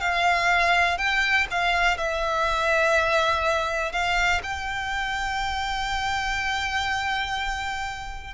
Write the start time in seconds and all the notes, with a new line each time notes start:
0.00 F5
0.97 G5
1.50 F5
1.97 E5
3.92 F5
4.43 G5